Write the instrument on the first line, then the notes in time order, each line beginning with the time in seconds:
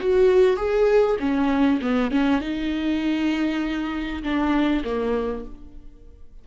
viola
0.00 F#4
0.56 G#4
1.19 C#4
1.81 B3
2.10 C#4
2.40 D#4
4.23 D4
4.84 A#3